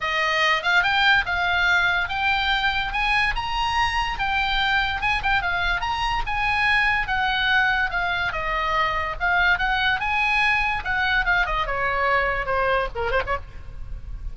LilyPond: \new Staff \with { instrumentName = "oboe" } { \time 4/4 \tempo 4 = 144 dis''4. f''8 g''4 f''4~ | f''4 g''2 gis''4 | ais''2 g''2 | gis''8 g''8 f''4 ais''4 gis''4~ |
gis''4 fis''2 f''4 | dis''2 f''4 fis''4 | gis''2 fis''4 f''8 dis''8 | cis''2 c''4 ais'8 c''16 cis''16 | }